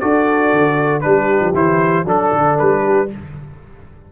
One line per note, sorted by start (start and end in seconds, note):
0.00 0.53 D4
0.00 1.02 F#4
0.00 1.04 A4
0.00 1.01 D5
0.53 1.04 D3
1.01 1.40 G3
1.01 1.53 D4
1.01 2.06 G4
1.01 1.52 B4
1.40 1.53 F3
1.54 2.05 E3
1.54 2.05 E4
1.54 2.07 C5
2.05 2.30 F#3
2.05 3.08 D4
2.05 2.83 A4
2.05 2.58 A4
2.32 2.57 D3
2.58 3.12 G3
2.58 3.10 B4
2.83 3.09 G4